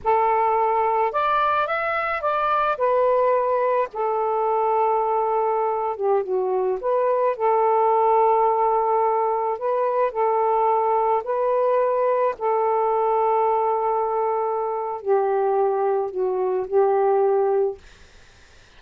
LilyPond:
\new Staff \with { instrumentName = "saxophone" } { \time 4/4 \tempo 4 = 108 a'2 d''4 e''4 | d''4 b'2 a'4~ | a'2~ a'8. g'8 fis'8.~ | fis'16 b'4 a'2~ a'8.~ |
a'4~ a'16 b'4 a'4.~ a'16~ | a'16 b'2 a'4.~ a'16~ | a'2. g'4~ | g'4 fis'4 g'2 | }